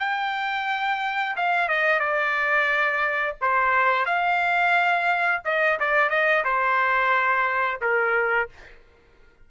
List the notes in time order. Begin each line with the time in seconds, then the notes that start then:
0.00 G5
1.37 F5
1.69 D#5
2.00 D5
3.42 C5
4.06 F5
5.45 D#5
5.80 D5
6.10 D#5
6.45 C5
7.82 A#4